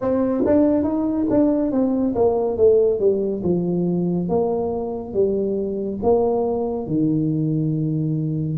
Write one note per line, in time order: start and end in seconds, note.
0.01 0.44 C4
0.46 0.83 D4
0.83 1.26 D#4
1.30 1.71 D4
1.71 2.14 C4
2.15 2.57 A#3
2.57 2.99 A3
2.99 3.42 G3
3.43 4.28 F3
4.28 5.13 A#3
5.13 5.99 G3
6.02 6.86 A#3
6.86 8.58 D#3